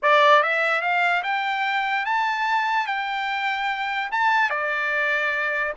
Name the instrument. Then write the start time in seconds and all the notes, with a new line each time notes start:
trumpet
0.02 D5
0.42 E5
0.81 F5
1.23 G5
2.05 A5
2.86 G5
4.11 A5
4.49 D5